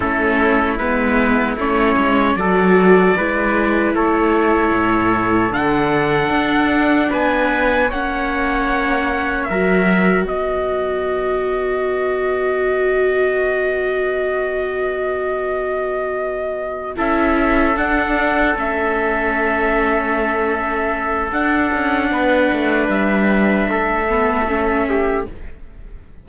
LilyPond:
<<
  \new Staff \with { instrumentName = "trumpet" } { \time 4/4 \tempo 4 = 76 a'4 b'4 cis''4 d''4~ | d''4 cis''2 fis''4~ | fis''4 gis''4 fis''2 | e''4 dis''2.~ |
dis''1~ | dis''4. e''4 fis''4 e''8~ | e''2. fis''4~ | fis''4 e''2. | }
  \new Staff \with { instrumentName = "trumpet" } { \time 4/4 e'2. a'4 | b'4 a'2.~ | a'4 b'4 cis''2 | ais'4 b'2.~ |
b'1~ | b'4. a'2~ a'8~ | a'1 | b'2 a'4. g'8 | }
  \new Staff \with { instrumentName = "viola" } { \time 4/4 cis'4 b4 cis'4 fis'4 | e'2. d'4~ | d'2 cis'2 | fis'1~ |
fis'1~ | fis'4. e'4 d'4 cis'8~ | cis'2. d'4~ | d'2~ d'8 b8 cis'4 | }
  \new Staff \with { instrumentName = "cello" } { \time 4/4 a4 gis4 a8 gis8 fis4 | gis4 a4 a,4 d4 | d'4 b4 ais2 | fis4 b2.~ |
b1~ | b4. cis'4 d'4 a8~ | a2. d'8 cis'8 | b8 a8 g4 a2 | }
>>